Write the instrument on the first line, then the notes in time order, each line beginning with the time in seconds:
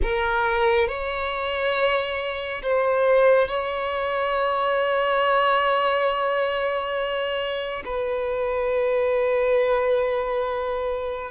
violin
0.02 A#4
0.88 C#5
2.62 C5
3.48 C#5
7.85 B4